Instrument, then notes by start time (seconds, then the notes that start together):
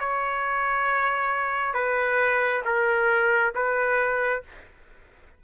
trumpet
0.00 C#5
1.74 B4
2.66 A#4
3.55 B4